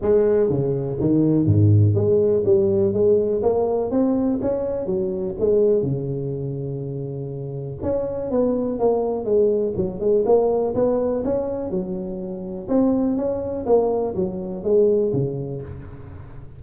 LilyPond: \new Staff \with { instrumentName = "tuba" } { \time 4/4 \tempo 4 = 123 gis4 cis4 dis4 gis,4 | gis4 g4 gis4 ais4 | c'4 cis'4 fis4 gis4 | cis1 |
cis'4 b4 ais4 gis4 | fis8 gis8 ais4 b4 cis'4 | fis2 c'4 cis'4 | ais4 fis4 gis4 cis4 | }